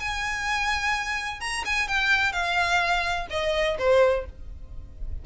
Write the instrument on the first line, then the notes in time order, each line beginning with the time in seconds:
violin
0.00 G#5
1.41 A#5
1.66 G#5
1.88 G5
2.33 F5
3.30 D#5
3.79 C5